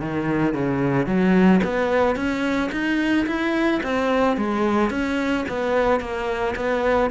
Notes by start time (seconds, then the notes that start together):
0.00 D#3
0.53 C#3
1.06 F#3
1.63 B3
2.15 C#4
2.71 D#4
3.26 E4
3.83 C4
4.37 G#3
4.90 C#4
5.48 B3
6.00 A#3
6.56 B3